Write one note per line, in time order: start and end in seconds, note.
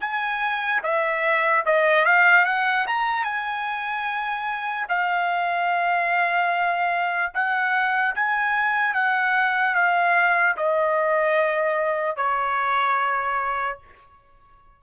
0.00 0.81 G#5
0.83 1.64 E5
1.65 2.05 D#5
2.05 2.45 F5
2.45 2.86 F#5
2.87 3.24 A#5
3.24 4.86 G#5
4.89 7.32 F5
7.33 8.14 F#5
8.15 8.94 G#5
8.94 9.74 F#5
9.74 10.56 F5
10.56 12.16 D#5
12.16 13.78 C#5